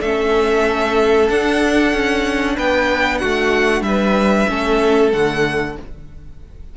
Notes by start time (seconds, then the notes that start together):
0.00 A3 C#4 A4 E5
1.28 D4 F#5
1.93 C#4
2.56 B3 B4 G5
3.18 A3 F#4 F#5
3.81 G3 E5
3.87 B4
4.48 A3 C#4 A4
5.12 D3 A3 F#5